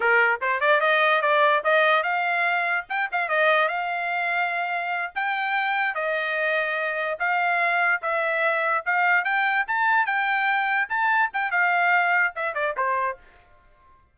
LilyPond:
\new Staff \with { instrumentName = "trumpet" } { \time 4/4 \tempo 4 = 146 ais'4 c''8 d''8 dis''4 d''4 | dis''4 f''2 g''8 f''8 | dis''4 f''2.~ | f''8 g''2 dis''4.~ |
dis''4. f''2 e''8~ | e''4. f''4 g''4 a''8~ | a''8 g''2 a''4 g''8 | f''2 e''8 d''8 c''4 | }